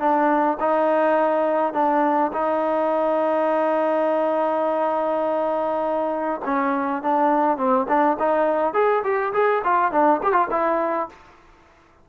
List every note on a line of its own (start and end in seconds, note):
0.00 0.58 D4
0.60 1.74 D#4
1.74 2.32 D4
2.33 6.41 D#4
6.45 7.03 C#4
7.03 7.58 D4
7.58 7.87 C4
7.89 8.18 D4
8.20 8.74 D#4
8.74 9.03 G#4
9.04 9.33 G4
9.34 9.63 G#4
9.65 9.92 F4
9.92 10.21 D4
10.23 10.33 G4
10.33 10.48 F4
10.51 11.09 E4